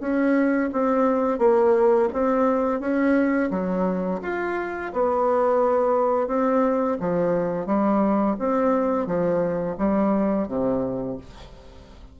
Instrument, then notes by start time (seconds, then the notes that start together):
bassoon
0.00 C#4
0.73 C4
1.39 A#3
2.13 C4
2.80 C#4
3.50 F#3
4.22 F4
4.93 B3
6.28 C4
7.00 F3
7.66 G3
8.39 C4
9.07 F3
9.78 G3
10.48 C3